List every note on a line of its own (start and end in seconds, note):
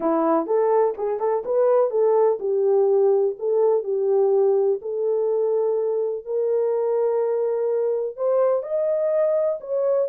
0.00 0.46 E4
0.46 0.94 A4
0.97 1.19 G#4
1.19 1.43 A4
1.45 1.90 B4
1.90 2.38 A4
2.39 3.35 G4
3.38 3.83 A4
3.83 4.79 G4
4.81 6.25 A4
6.25 8.16 A#4
8.16 8.62 C5
8.62 9.58 D#5
9.60 10.08 C#5